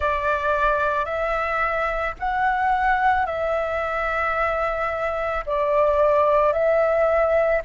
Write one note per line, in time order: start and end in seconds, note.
0.00 1.05 D5
1.05 2.14 E5
2.19 3.26 F#5
3.26 5.44 E5
5.45 6.52 D5
6.52 7.61 E5